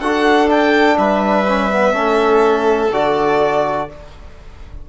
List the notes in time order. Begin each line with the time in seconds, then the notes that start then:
0.00 D4 F#4 A4 F#5
0.48 D4 G5
0.97 G3 B4 E5
1.48 C#4
1.70 B3
1.92 A3 C#4 A4
2.91 D3 F#4 D5